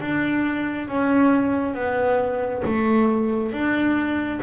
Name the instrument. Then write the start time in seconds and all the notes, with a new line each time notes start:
double bass
0.00 D4
0.88 C#4
1.74 B3
2.65 A3
3.52 D4